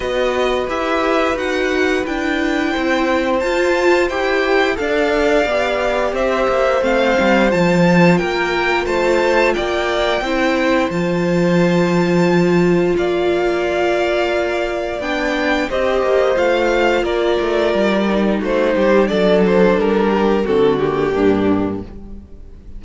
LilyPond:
<<
  \new Staff \with { instrumentName = "violin" } { \time 4/4 \tempo 4 = 88 dis''4 e''4 fis''4 g''4~ | g''4 a''4 g''4 f''4~ | f''4 e''4 f''4 a''4 | g''4 a''4 g''2 |
a''2. f''4~ | f''2 g''4 dis''4 | f''4 d''2 c''4 | d''8 c''8 ais'4 a'8 g'4. | }
  \new Staff \with { instrumentName = "violin" } { \time 4/4 b'1 | c''2. d''4~ | d''4 c''2. | ais'4 c''4 d''4 c''4~ |
c''2. d''4~ | d''2. c''4~ | c''4 ais'2 fis'8 g'8 | a'4. g'8 fis'4 d'4 | }
  \new Staff \with { instrumentName = "viola" } { \time 4/4 fis'4 g'4 fis'4 e'4~ | e'4 f'4 g'4 a'4 | g'2 c'4 f'4~ | f'2. e'4 |
f'1~ | f'2 d'4 g'4 | f'2~ f'8 dis'4. | d'2 c'8 ais4. | }
  \new Staff \with { instrumentName = "cello" } { \time 4/4 b4 e'4 dis'4 d'4 | c'4 f'4 e'4 d'4 | b4 c'8 ais8 a8 g8 f4 | ais4 a4 ais4 c'4 |
f2. ais4~ | ais2 b4 c'8 ais8 | a4 ais8 a8 g4 a8 g8 | fis4 g4 d4 g,4 | }
>>